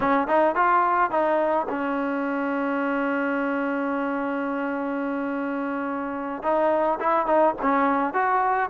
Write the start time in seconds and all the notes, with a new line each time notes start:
0.00 C#4
0.27 D#4
0.55 F4
1.10 D#4
1.69 C#4
6.42 D#4
7.00 E4
7.26 D#4
7.62 C#4
8.13 F#4